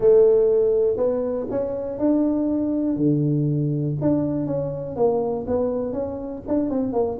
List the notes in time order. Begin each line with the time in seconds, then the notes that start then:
0.00 A3
0.97 B3
1.50 C#4
1.98 D4
2.96 D3
4.01 D4
4.46 C#4
4.95 A#3
5.47 B3
5.92 C#4
6.47 D4
6.69 C4
6.93 A#3